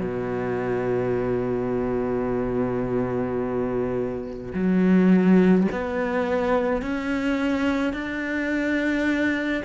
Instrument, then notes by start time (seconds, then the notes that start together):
cello
0.00 B2
4.54 F#3
5.72 B3
6.82 C#4
7.93 D4